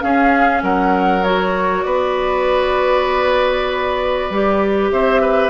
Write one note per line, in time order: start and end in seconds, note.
0.00 1.22 C#4
0.00 0.62 C#4
0.00 0.63 G#4
0.00 0.62 F5
0.62 1.85 F#3
0.62 1.85 A#4
0.62 1.24 F#5
1.24 4.31 F#4
1.24 1.83 C#5
1.83 4.30 B3
1.83 4.91 B4
1.83 4.89 D5
4.30 4.91 G3
4.30 5.50 G4
4.91 5.50 C4
4.91 5.21 C5
4.91 5.50 E5
5.21 5.50 B4